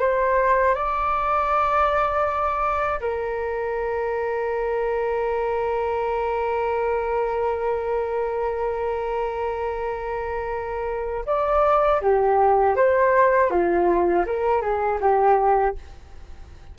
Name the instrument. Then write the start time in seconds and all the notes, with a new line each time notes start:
flute
0.00 C5
0.75 D5
3.01 A#4
11.26 D5
12.01 G4
12.76 C5
13.51 F4
14.26 A#4
14.62 G#4
15.01 G4